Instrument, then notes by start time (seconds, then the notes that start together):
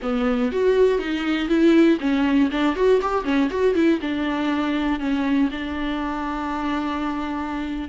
viola
0.02 B3
0.52 F#4
0.98 D#4
1.48 E4
2.00 C#4
2.51 D4
2.75 F#4
3.01 G4
3.24 C#4
3.50 F#4
3.75 E4
4.01 D4
4.99 C#4
5.51 D4